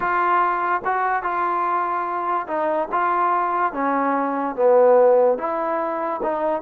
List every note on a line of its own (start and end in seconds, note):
0.00 0.82 F4
0.84 1.22 F#4
1.22 2.46 F4
2.47 2.88 D#4
2.91 3.73 F4
3.73 4.55 C#4
4.55 5.38 B3
5.38 6.20 E4
6.22 6.61 D#4